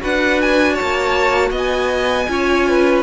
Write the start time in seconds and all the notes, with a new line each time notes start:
0.00 D4 F#4 B4 F#5
0.41 G#5
0.73 C#5 A5
0.81 A#3
1.51 B3 D#5
1.57 G#5
2.28 C#4 F4 C#5
2.68 B4